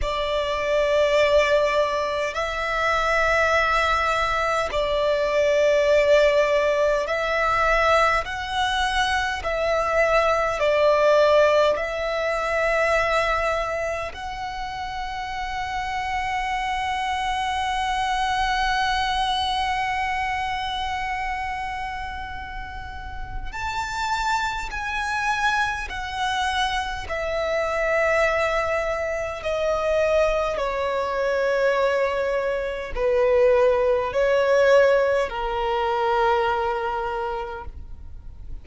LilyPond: \new Staff \with { instrumentName = "violin" } { \time 4/4 \tempo 4 = 51 d''2 e''2 | d''2 e''4 fis''4 | e''4 d''4 e''2 | fis''1~ |
fis''1 | a''4 gis''4 fis''4 e''4~ | e''4 dis''4 cis''2 | b'4 cis''4 ais'2 | }